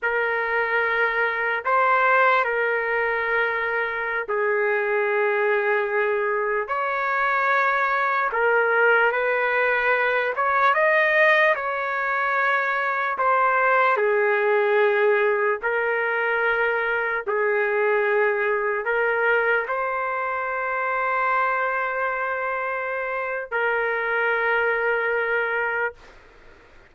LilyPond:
\new Staff \with { instrumentName = "trumpet" } { \time 4/4 \tempo 4 = 74 ais'2 c''4 ais'4~ | ais'4~ ais'16 gis'2~ gis'8.~ | gis'16 cis''2 ais'4 b'8.~ | b'8. cis''8 dis''4 cis''4.~ cis''16~ |
cis''16 c''4 gis'2 ais'8.~ | ais'4~ ais'16 gis'2 ais'8.~ | ais'16 c''2.~ c''8.~ | c''4 ais'2. | }